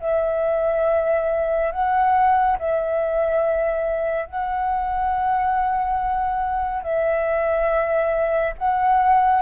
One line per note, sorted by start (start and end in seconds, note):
0.00 1.71 E5
1.71 2.57 F#5
2.59 4.26 E5
4.26 6.83 F#5
6.83 8.54 E5
8.58 9.42 F#5